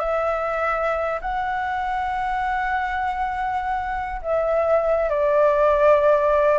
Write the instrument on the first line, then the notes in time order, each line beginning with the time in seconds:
flute
0.00 E5
1.22 F#5
4.22 E5
5.10 D5